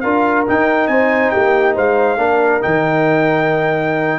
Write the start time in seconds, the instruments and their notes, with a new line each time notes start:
0.00 tuba D4, trombone F4, horn A#4, trumpet F5
0.47 trombone D#4, tuba D#4, trumpet G5
0.87 tuba C4, horn C5, trumpet G#5
1.30 tuba A#3, horn G4, trumpet G5
1.74 tuba G#3, horn C5, trumpet F5
2.16 tuba A#3, trombone D4, horn A#4
2.60 tuba D#3, trombone D#4, trumpet G5